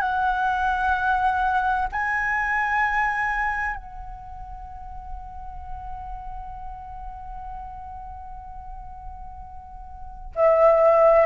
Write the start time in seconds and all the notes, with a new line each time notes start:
0.00 F#5
1.92 G#5
3.75 F#5
10.35 E5